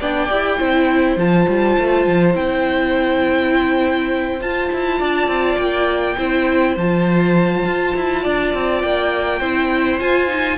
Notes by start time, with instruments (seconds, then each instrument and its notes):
0.00 cello B3, viola D4, violin D5 G5
0.30 cello E4, viola G4
0.59 cello C4, viola E4, violin C5
1.17 cello F3, viola F4, violin A5
1.48 cello G3
1.79 cello A3
2.06 cello F3
2.34 cello C4, viola E4, violin G5
4.41 viola F4, cello F4, violin A5
4.73 cello E4
4.99 cello D4, violin D5
5.27 cello C4
5.57 cello A#3, violin G5
6.18 cello C4, viola E4, violin C5
6.77 cello F3, viola F4, violin A5
7.66 cello F4
7.96 cello E4
8.23 cello D4, violin D5
8.54 cello C4
8.82 cello A#3, violin G5
9.39 cello C4, viola E4, violin C5
10.00 viola F4, cello F4, violin G#5
10.28 viola D#4